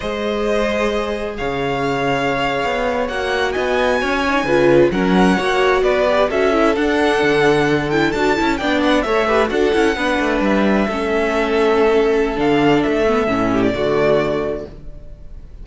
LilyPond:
<<
  \new Staff \with { instrumentName = "violin" } { \time 4/4 \tempo 4 = 131 dis''2. f''4~ | f''2~ f''8. fis''4 gis''16~ | gis''2~ gis''8. fis''4~ fis''16~ | fis''8. d''4 e''4 fis''4~ fis''16~ |
fis''4~ fis''16 g''8 a''4 g''8 fis''8 e''16~ | e''8. fis''2 e''4~ e''16~ | e''2. f''4 | e''4.~ e''16 d''2~ d''16 | }
  \new Staff \with { instrumentName = "violin" } { \time 4/4 c''2. cis''4~ | cis''2.~ cis''8. dis''16~ | dis''8. cis''4 b'4 ais'4 cis''16~ | cis''8. b'4 a'2~ a'16~ |
a'2~ a'8. d''4 cis''16~ | cis''16 b'8 a'4 b'2 a'16~ | a'1~ | a'4. g'8 fis'2 | }
  \new Staff \with { instrumentName = "viola" } { \time 4/4 gis'1~ | gis'2~ gis'8. fis'4~ fis'16~ | fis'4~ fis'16 dis'8 f'4 cis'4 fis'16~ | fis'4~ fis'16 g'8 fis'8 e'8 d'4~ d'16~ |
d'4~ d'16 e'8 fis'8 e'8 d'4 a'16~ | a'16 g'8 fis'8 e'8 d'2 cis'16~ | cis'2. d'4~ | d'8 b8 cis'4 a2 | }
  \new Staff \with { instrumentName = "cello" } { \time 4/4 gis2. cis4~ | cis4.~ cis16 b4 ais4 b16~ | b8. cis'4 cis4 fis4 ais16~ | ais8. b4 cis'4 d'4 d16~ |
d4.~ d16 d'8 cis'8 b4 a16~ | a8. d'8 cis'8 b8 a8 g4 a16~ | a2. d4 | a4 a,4 d2 | }
>>